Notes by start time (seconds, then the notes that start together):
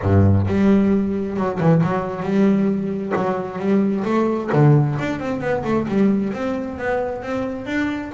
0.01 G2
0.47 G3
1.36 F#3
1.60 E3
1.83 F#3
2.22 G3
3.16 F#3
3.58 G3
4.04 A3
4.52 D3
4.99 D4
5.19 C4
5.40 B3
5.64 A3
5.88 G3
6.33 C4
6.78 B3
7.22 C4
7.65 D4